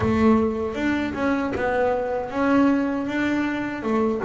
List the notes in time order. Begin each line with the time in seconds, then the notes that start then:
0.00 A3
0.74 D4
1.14 C#4
1.55 B3
2.30 C#4
3.06 D4
3.83 A3